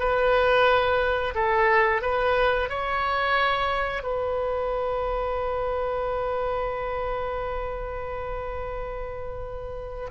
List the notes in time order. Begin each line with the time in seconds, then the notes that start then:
0.00 B4
1.35 A4
2.02 B4
2.70 C#5
4.03 B4